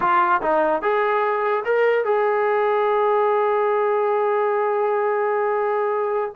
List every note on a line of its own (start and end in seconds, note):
0.00 0.41 F4
0.42 0.81 D#4
0.81 1.63 G#4
1.64 2.04 A#4
2.04 6.33 G#4